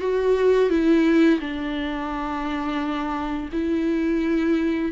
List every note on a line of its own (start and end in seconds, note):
0.00 0.70 F#4
0.70 1.40 E4
1.40 3.50 D4
3.53 4.92 E4